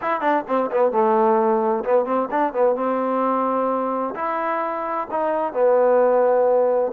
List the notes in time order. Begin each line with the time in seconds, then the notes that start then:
0.01 E4
0.21 D4
0.47 C4
0.71 B3
0.91 A3
1.84 B3
2.05 C4
2.30 D4
2.53 B3
2.75 C4
4.15 E4
5.10 D#4
5.53 B3